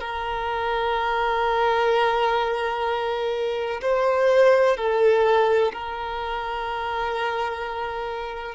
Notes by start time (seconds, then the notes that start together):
0.00 A#4
3.81 C5
4.77 A4
5.73 A#4